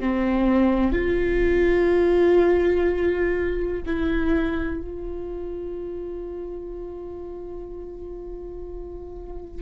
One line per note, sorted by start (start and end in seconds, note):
0.00 0.92 C4
0.92 3.83 F4
3.86 4.81 E4
4.81 9.62 F4